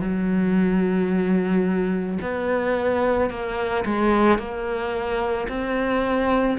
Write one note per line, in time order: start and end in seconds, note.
0.00 2.18 F#3
2.21 3.30 B3
3.30 3.84 A#3
3.85 4.38 G#3
4.38 5.47 A#3
5.48 6.57 C4